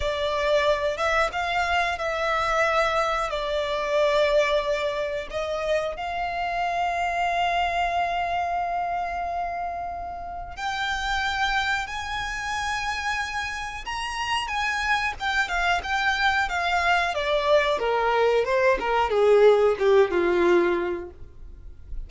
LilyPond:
\new Staff \with { instrumentName = "violin" } { \time 4/4 \tempo 4 = 91 d''4. e''8 f''4 e''4~ | e''4 d''2. | dis''4 f''2.~ | f''1 |
g''2 gis''2~ | gis''4 ais''4 gis''4 g''8 f''8 | g''4 f''4 d''4 ais'4 | c''8 ais'8 gis'4 g'8 f'4. | }